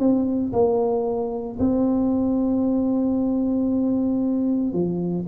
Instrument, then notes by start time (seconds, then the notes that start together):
tuba
0.00 C4
0.53 A#3
1.60 C4
4.74 F3